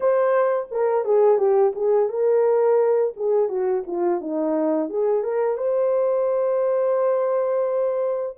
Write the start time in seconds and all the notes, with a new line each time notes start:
0.00 C5
0.71 A#4
1.04 G#4
1.38 G4
1.75 G#4
2.09 A#4
3.16 G#4
3.49 F#4
3.87 F4
4.21 D#4
4.89 G#4
5.23 A#4
5.57 C5